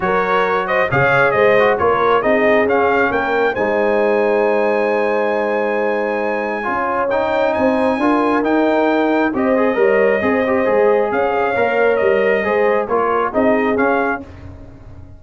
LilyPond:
<<
  \new Staff \with { instrumentName = "trumpet" } { \time 4/4 \tempo 4 = 135 cis''4. dis''8 f''4 dis''4 | cis''4 dis''4 f''4 g''4 | gis''1~ | gis''1 |
g''4 gis''2 g''4~ | g''4 dis''2.~ | dis''4 f''2 dis''4~ | dis''4 cis''4 dis''4 f''4 | }
  \new Staff \with { instrumentName = "horn" } { \time 4/4 ais'4. c''8 cis''4 c''4 | ais'4 gis'2 ais'4 | c''1~ | c''2. cis''4~ |
cis''4 c''4 ais'2~ | ais'4 c''4 cis''4 c''4~ | c''4 cis''2. | c''4 ais'4 gis'2 | }
  \new Staff \with { instrumentName = "trombone" } { \time 4/4 fis'2 gis'4. fis'8 | f'4 dis'4 cis'2 | dis'1~ | dis'2. f'4 |
dis'2 f'4 dis'4~ | dis'4 g'8 gis'8 ais'4 gis'8 g'8 | gis'2 ais'2 | gis'4 f'4 dis'4 cis'4 | }
  \new Staff \with { instrumentName = "tuba" } { \time 4/4 fis2 cis4 gis4 | ais4 c'4 cis'4 ais4 | gis1~ | gis2. cis'4~ |
cis'4 c'4 d'4 dis'4~ | dis'4 c'4 g4 c'4 | gis4 cis'4 ais4 g4 | gis4 ais4 c'4 cis'4 | }
>>